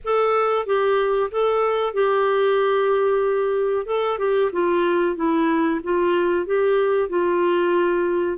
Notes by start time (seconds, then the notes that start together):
0.04 A4
0.66 G4
1.31 A4
1.93 G4
3.86 A4
4.18 G4
4.52 F4
5.16 E4
5.83 F4
6.46 G4
7.09 F4